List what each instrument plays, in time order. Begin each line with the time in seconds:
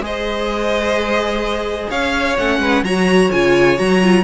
0.00 cello G#3, viola G#4, violin C5 D#5
1.90 cello C#4, violin C#5 F5
2.38 cello A3, viola C#4, violin F#5
2.60 cello G#3, violin B4
2.83 cello F#3, viola F#4, violin C#5 A#5
3.32 cello C#3, viola F4, violin G#5
3.78 cello F#3, viola F#4, violin A#5
4.03 viola F4